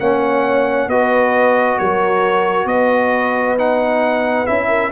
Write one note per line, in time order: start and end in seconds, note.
0.00 0.87 A#3
0.00 0.91 C#4
0.00 0.89 C#5
0.00 0.90 F#5
0.87 1.77 B3
0.87 3.58 F#4
0.87 1.78 B4
0.87 1.79 D#5
1.78 2.66 F#3
1.78 2.68 A#4
1.78 2.68 C#5
2.66 4.45 B3
2.66 4.68 B4
2.66 3.57 D#5
3.58 4.47 D#4
3.58 4.47 F#5
4.47 4.92 C#4
4.47 4.92 E4
4.47 4.92 E5
4.68 4.90 A#4